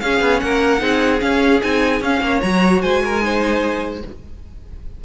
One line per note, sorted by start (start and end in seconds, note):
0.00 0.21 C#4
0.00 0.78 C#4
0.00 0.43 G#4
0.00 0.40 F5
0.21 0.41 B3
0.40 0.81 A#3
0.40 0.82 A#4
0.40 1.20 F#5
0.78 1.21 C4
0.78 1.18 D#4
0.78 2.22 G#4
1.20 1.60 C#4
1.20 1.61 C#4
1.20 1.61 F5
1.61 2.01 C4
1.61 2.01 D#4
1.61 2.02 G#5
2.01 2.21 C#4
2.01 2.42 C#4
2.01 2.41 F5
2.21 2.41 A#3
2.21 2.82 C#5
2.41 2.83 F#3
2.41 3.21 F#4
2.41 2.81 A#5
2.81 4.03 G#3
2.81 3.02 C5
2.81 4.01 G#5
3.04 3.24 A#4
3.21 4.01 D#4
3.21 4.04 C5